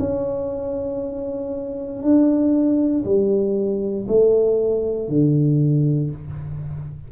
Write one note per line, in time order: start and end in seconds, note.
0.00 2.03 C#4
2.03 3.05 D4
3.05 4.07 G3
4.08 5.09 A3
5.09 6.11 D3